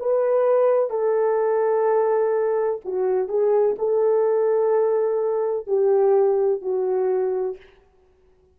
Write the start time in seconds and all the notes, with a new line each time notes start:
0.00 B4
0.90 A4
2.85 F#4
3.29 G#4
3.79 A4
5.68 G4
6.62 F#4